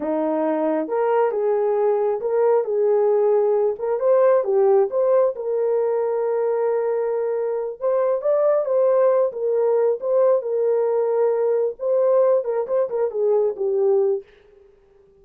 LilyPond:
\new Staff \with { instrumentName = "horn" } { \time 4/4 \tempo 4 = 135 dis'2 ais'4 gis'4~ | gis'4 ais'4 gis'2~ | gis'8 ais'8 c''4 g'4 c''4 | ais'1~ |
ais'4. c''4 d''4 c''8~ | c''4 ais'4. c''4 ais'8~ | ais'2~ ais'8 c''4. | ais'8 c''8 ais'8 gis'4 g'4. | }